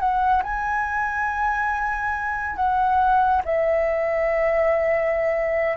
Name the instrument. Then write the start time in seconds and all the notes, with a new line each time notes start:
flute
0.00 F#5
0.43 G#5
2.56 F#5
3.45 E5